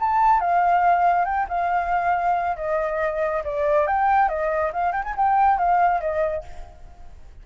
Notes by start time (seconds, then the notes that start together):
0.00 A5
0.41 F5
1.25 G5
1.49 F5
2.57 D#5
3.45 D5
3.88 G5
4.29 D#5
4.73 F5
4.93 G5
5.04 G#5
5.17 G5
5.59 F5
6.01 D#5